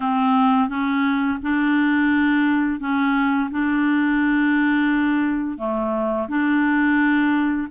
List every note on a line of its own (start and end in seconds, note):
0.00 0.68 C4
0.68 1.38 C#4
1.42 2.79 D4
2.79 3.49 C#4
3.50 5.58 D4
5.58 6.27 A3
6.28 7.67 D4